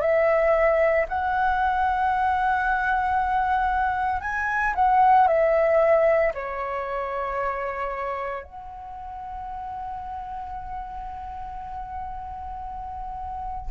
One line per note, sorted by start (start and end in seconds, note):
0.00 1.05 E5
1.08 4.21 F#5
4.21 4.73 G#5
4.75 5.27 F#5
5.27 6.32 E5
6.34 8.44 C#5
8.44 13.70 F#5